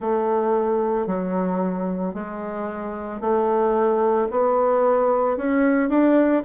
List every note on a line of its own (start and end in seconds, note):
0.00 1.07 A3
1.07 2.14 F#3
2.14 3.20 G#3
3.20 4.28 A3
4.31 5.37 B3
5.37 5.89 C#4
5.89 6.42 D4